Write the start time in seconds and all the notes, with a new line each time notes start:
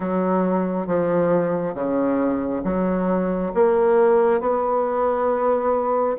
0.00 F#3
0.86 F3
1.74 C#3
2.64 F#3
3.54 A#3
4.40 B3